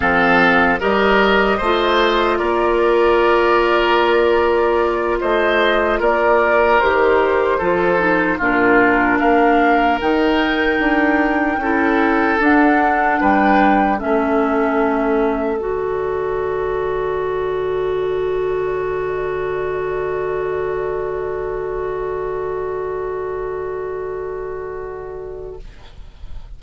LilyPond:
<<
  \new Staff \with { instrumentName = "flute" } { \time 4/4 \tempo 4 = 75 f''4 dis''2 d''4~ | d''2~ d''8 dis''4 d''8~ | d''8 c''2 ais'4 f''8~ | f''8 g''2. fis''8~ |
fis''8 g''4 e''2 d''8~ | d''1~ | d''1~ | d''1 | }
  \new Staff \with { instrumentName = "oboe" } { \time 4/4 a'4 ais'4 c''4 ais'4~ | ais'2~ ais'8 c''4 ais'8~ | ais'4. a'4 f'4 ais'8~ | ais'2~ ais'8 a'4.~ |
a'8 b'4 a'2~ a'8~ | a'1~ | a'1~ | a'1 | }
  \new Staff \with { instrumentName = "clarinet" } { \time 4/4 c'4 g'4 f'2~ | f'1~ | f'8 g'4 f'8 dis'8 d'4.~ | d'8 dis'2 e'4 d'8~ |
d'4. cis'2 fis'8~ | fis'1~ | fis'1~ | fis'1 | }
  \new Staff \with { instrumentName = "bassoon" } { \time 4/4 f4 g4 a4 ais4~ | ais2~ ais8 a4 ais8~ | ais8 dis4 f4 ais,4 ais8~ | ais8 dis4 d'4 cis'4 d'8~ |
d'8 g4 a2 d8~ | d1~ | d1~ | d1 | }
>>